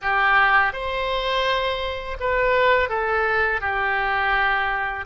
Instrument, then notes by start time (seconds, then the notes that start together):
oboe
0.01 G4
0.72 C5
2.19 B4
2.89 A4
3.60 G4